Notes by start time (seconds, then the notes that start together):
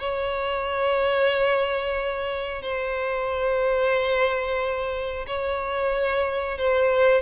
0.00 C#5
2.63 C5
5.27 C#5
6.58 C5